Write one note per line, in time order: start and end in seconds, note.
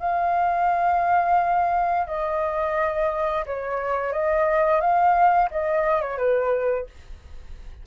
0.00 2.07 F5
2.07 3.45 D#5
3.46 4.13 C#5
4.13 4.81 D#5
4.81 5.50 F5
5.51 6.01 D#5
6.01 6.18 C#5
6.18 6.87 B4